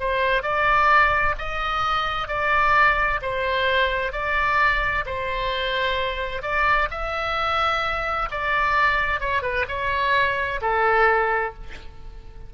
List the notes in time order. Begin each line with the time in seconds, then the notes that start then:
0.00 C5
0.43 D5
1.38 D#5
2.28 D5
3.22 C5
4.12 D5
5.06 C5
6.42 D5
6.91 E5
8.31 D5
9.21 C#5
9.42 B4
9.68 C#5
10.62 A4